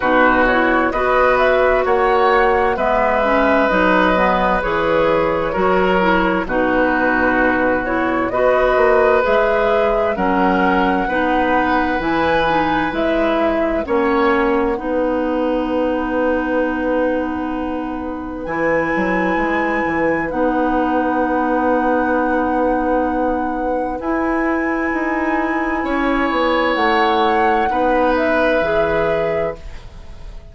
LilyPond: <<
  \new Staff \with { instrumentName = "flute" } { \time 4/4 \tempo 4 = 65 b'8 cis''8 dis''8 e''8 fis''4 e''4 | dis''4 cis''2 b'4~ | b'8 cis''8 dis''4 e''4 fis''4~ | fis''4 gis''4 e''4 fis''4~ |
fis''1 | gis''2 fis''2~ | fis''2 gis''2~ | gis''4 fis''4. e''4. | }
  \new Staff \with { instrumentName = "oboe" } { \time 4/4 fis'4 b'4 cis''4 b'4~ | b'2 ais'4 fis'4~ | fis'4 b'2 ais'4 | b'2. cis''4 |
b'1~ | b'1~ | b'1 | cis''2 b'2 | }
  \new Staff \with { instrumentName = "clarinet" } { \time 4/4 dis'8 e'8 fis'2 b8 cis'8 | dis'8 b8 gis'4 fis'8 e'8 dis'4~ | dis'8 e'8 fis'4 gis'4 cis'4 | dis'4 e'8 dis'8 e'4 cis'4 |
dis'1 | e'2 dis'2~ | dis'2 e'2~ | e'2 dis'4 gis'4 | }
  \new Staff \with { instrumentName = "bassoon" } { \time 4/4 b,4 b4 ais4 gis4 | fis4 e4 fis4 b,4~ | b,4 b8 ais8 gis4 fis4 | b4 e4 gis4 ais4 |
b1 | e8 fis8 gis8 e8 b2~ | b2 e'4 dis'4 | cis'8 b8 a4 b4 e4 | }
>>